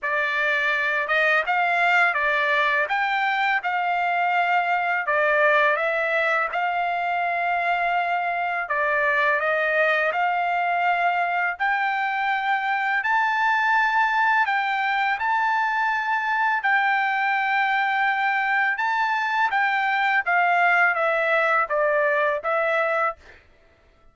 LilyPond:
\new Staff \with { instrumentName = "trumpet" } { \time 4/4 \tempo 4 = 83 d''4. dis''8 f''4 d''4 | g''4 f''2 d''4 | e''4 f''2. | d''4 dis''4 f''2 |
g''2 a''2 | g''4 a''2 g''4~ | g''2 a''4 g''4 | f''4 e''4 d''4 e''4 | }